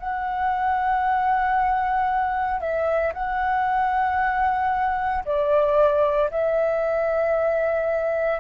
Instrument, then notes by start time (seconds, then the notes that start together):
flute
0.00 F#5
2.61 E5
3.14 F#5
5.25 D5
6.31 E5